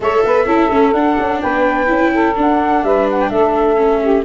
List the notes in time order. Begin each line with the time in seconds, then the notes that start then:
0.00 A3 A4 C#5 E5
0.24 B3 B4
0.45 C#4 E4 A4
0.69 A3 C#4
0.92 D4 F#5
1.19 C#4
1.41 B3 B4 G5
1.86 C#4 E4
2.13 A4
2.35 D4 F#5
2.83 G3 B4 E5
3.10 F#5
3.21 G5
3.29 A3 A4 E5
3.75 C#4
4.01 G4